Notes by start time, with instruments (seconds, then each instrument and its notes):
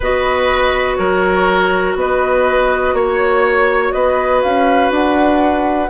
0.00 bassoon B3, clarinet F#4, oboe B4, flute D#5
0.95 bassoon F#3, oboe A#4, flute C#5
1.95 bassoon B3, oboe B4, flute D#5
2.93 bassoon A#3, oboe C#5, flute C#5
3.92 bassoon B3, oboe B4, flute D#5
4.42 bassoon C#4, flute F5
4.90 bassoon D4, flute F#5